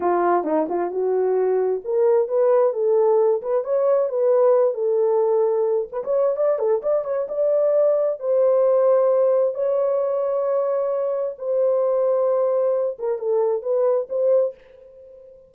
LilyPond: \new Staff \with { instrumentName = "horn" } { \time 4/4 \tempo 4 = 132 f'4 dis'8 f'8 fis'2 | ais'4 b'4 a'4. b'8 | cis''4 b'4. a'4.~ | a'4 b'16 cis''8. d''8 a'8 d''8 cis''8 |
d''2 c''2~ | c''4 cis''2.~ | cis''4 c''2.~ | c''8 ais'8 a'4 b'4 c''4 | }